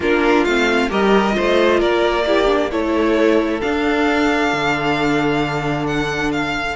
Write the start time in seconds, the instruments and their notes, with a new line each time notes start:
0.00 cello A#3, viola D4, violin F4 A#4
0.45 cello A3, viola C4, violin F5
0.89 cello G3, viola G4, violin A#4 D#5
1.31 viola F4, violin C5
1.38 cello A3
1.79 cello A#3, violin A#4 D5
2.26 viola E4, violin G4
2.46 viola D4
2.71 cello A3, viola E4, violin A4 C#5
3.60 viola D4, cello D4, violin F5
4.52 cello D3
5.86 violin F#5
6.32 violin F5